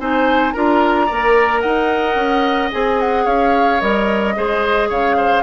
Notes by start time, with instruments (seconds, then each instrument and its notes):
0.00 bassoon C4, clarinet D#4, oboe C5, flute G#5
0.53 bassoon D4, clarinet F4, oboe A#4, flute A#5
1.07 bassoon A#3, clarinet A#4, oboe D5
1.61 bassoon D#4, oboe D#5, flute F#5
2.16 bassoon C#4
2.72 bassoon C4, clarinet G#4, flute G#5
3.00 flute F#5
3.25 bassoon C#4, oboe C#5, flute F5
3.81 bassoon G3, clarinet A#4, flute D#5
4.36 bassoon G#3, clarinet G#4, oboe C5
4.89 bassoon C#3, oboe C#5, flute F5
5.17 oboe C5